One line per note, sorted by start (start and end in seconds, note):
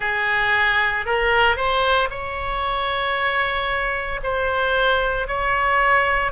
0.00 1.05 G#4
1.05 1.56 A#4
1.56 2.09 C5
2.10 4.20 C#5
4.23 5.27 C5
5.27 6.31 C#5